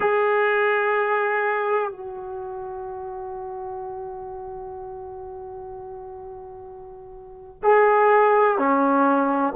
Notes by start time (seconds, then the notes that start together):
0.00 G#4
1.90 F#4
7.62 G#4
8.58 C#4